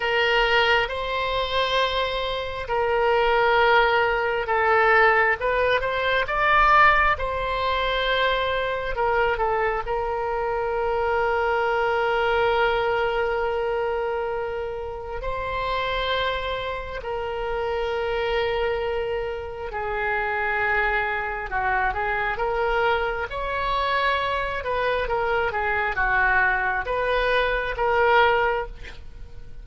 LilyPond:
\new Staff \with { instrumentName = "oboe" } { \time 4/4 \tempo 4 = 67 ais'4 c''2 ais'4~ | ais'4 a'4 b'8 c''8 d''4 | c''2 ais'8 a'8 ais'4~ | ais'1~ |
ais'4 c''2 ais'4~ | ais'2 gis'2 | fis'8 gis'8 ais'4 cis''4. b'8 | ais'8 gis'8 fis'4 b'4 ais'4 | }